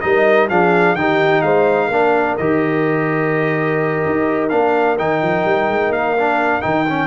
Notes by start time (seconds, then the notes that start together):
0.00 G3 D#4 A#4 D#5
0.49 F3 D4 G#4 F5
0.94 D#3 D#4 G4 G5
1.41 G#3 C5 F5
1.87 A#3 D4 A#4
2.37 D#3 G4 D#5
4.05 D#4
4.49 A#3 D4 F5
4.98 D#3 D#4 G5
5.22 F3
5.44 G3
5.68 G#3
5.89 A#3 F5
6.17 D4
6.61 D#3 D#4 G5
6.88 C#4